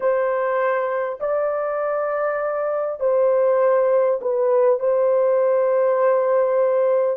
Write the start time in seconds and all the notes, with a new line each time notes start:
0.00 C5
1.20 D5
2.99 C5
4.21 B4
4.79 C5